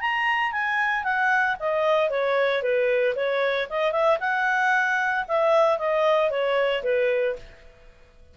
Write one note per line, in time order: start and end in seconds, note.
0.00 0.52 A#5
0.52 1.03 G#5
1.03 1.56 F#5
1.59 2.10 D#5
2.10 2.62 C#5
2.62 3.15 B4
3.15 3.68 C#5
3.69 3.92 D#5
3.92 4.18 E5
4.20 5.25 F#5
5.28 5.78 E5
5.78 6.30 D#5
6.30 6.83 C#5
6.83 7.36 B4